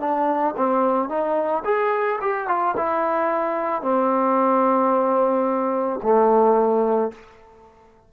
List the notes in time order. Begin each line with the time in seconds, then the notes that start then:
0.00 D4
0.57 C4
1.09 D#4
1.64 G#4
2.21 G4
2.47 F4
2.77 E4
3.82 C4
6.02 A3